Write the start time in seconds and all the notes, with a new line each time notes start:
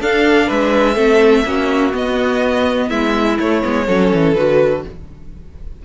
0.00 D4 A4 F5
0.47 G#3 B4 E5
0.95 A3 C4 A4
1.45 A#3 C#4 F#4
1.91 B3 D#5
2.88 G#3 E4 E5
3.39 A3 C#5
3.62 G#3 B3
3.86 F#3 C#4 A4
4.14 E3
4.34 D3 F#4 B4